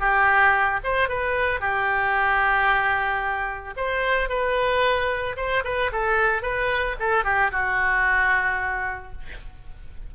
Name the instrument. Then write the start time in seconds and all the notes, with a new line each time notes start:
oboe
0.00 G4
0.84 C5
1.09 B4
1.60 G4
3.77 C5
4.29 B4
5.37 C5
5.64 B4
5.92 A4
6.42 B4
7.00 A4
7.24 G4
7.52 F#4